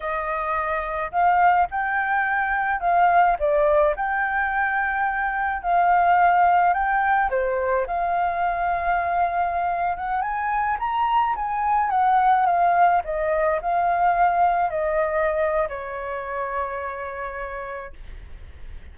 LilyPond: \new Staff \with { instrumentName = "flute" } { \time 4/4 \tempo 4 = 107 dis''2 f''4 g''4~ | g''4 f''4 d''4 g''4~ | g''2 f''2 | g''4 c''4 f''2~ |
f''4.~ f''16 fis''8 gis''4 ais''8.~ | ais''16 gis''4 fis''4 f''4 dis''8.~ | dis''16 f''2 dis''4.~ dis''16 | cis''1 | }